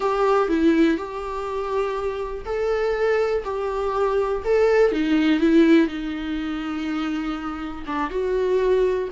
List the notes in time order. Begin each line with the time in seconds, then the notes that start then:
0.00 G4
0.48 E4
0.97 G4
2.45 A4
3.44 G4
4.44 A4
4.92 D#4
5.40 E4
5.87 D#4
7.86 D4
8.10 F#4